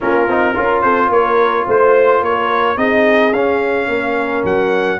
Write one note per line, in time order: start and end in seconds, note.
0.00 0.28 A#3
0.00 0.28 C#4
0.00 0.55 F4
0.00 0.81 A#4
0.28 0.56 C4
0.28 0.55 D#4
0.55 0.83 C#4
0.55 2.77 F4
0.55 0.83 A#4
0.81 1.09 C4
0.81 1.11 A4
0.81 1.09 C5
1.09 1.64 A#3
1.09 1.66 A#4
1.09 1.67 C#5
1.66 2.21 A3
1.66 2.21 C5
1.66 2.24 C5
2.21 2.76 A#3
2.21 2.77 A#4
2.21 2.77 C#5
2.76 3.32 C4
2.76 3.32 D#4
2.76 3.88 G#4
2.76 3.33 D#5
3.32 3.88 C#4
3.32 4.99 C#4
3.32 4.44 F5
3.88 4.43 A#3
3.88 4.99 A#4
4.44 4.99 F#3
4.44 4.99 F#5